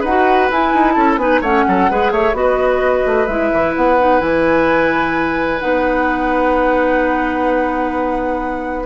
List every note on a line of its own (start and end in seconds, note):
0.00 0.50 D#4
0.00 0.93 B4
0.00 0.50 F#5
0.07 0.51 F#4
0.50 0.74 E4
0.50 1.19 E4
0.50 0.92 G#5
0.74 0.97 D#4
0.92 1.16 C#4
0.92 1.19 A4
0.92 1.15 A5
1.16 1.40 B3
1.16 1.42 D#4
1.16 1.41 B4
1.16 1.41 G#5
1.41 1.65 A3
1.41 1.90 C#4
1.41 1.64 C#5
1.41 2.12 F#5
1.67 1.90 F#3
1.67 1.90 A4
1.90 2.11 G#3
1.90 2.34 G#4
1.90 2.12 B4
2.11 2.33 A3
2.11 2.35 C#5
2.11 2.35 E5
2.33 3.03 B3
2.33 3.27 F#4
2.33 8.85 B4
2.33 3.27 D#5
3.06 3.27 A3
3.27 3.51 G#3
3.27 3.99 E4
3.27 3.73 E5
3.52 3.76 E3
3.76 4.21 B3
3.76 4.21 F#5
3.99 4.19 D#4
4.19 5.60 E3
4.19 5.59 E4
4.19 5.60 G#5
5.60 8.85 B3
5.60 8.85 D#4
5.60 8.85 F#5